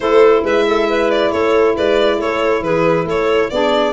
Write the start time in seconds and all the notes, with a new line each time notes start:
0.00 A3 E4 A4 C5
0.43 G#3 B4 E5
0.67 A4
0.89 B4
1.10 D5
1.31 A3 A4 C#5
1.75 G#3 B4 D5
2.18 A3 A4 C#5
2.61 E3 G#4 B4
3.04 A3 A4 C#5
3.49 B3 D4 G#4 D5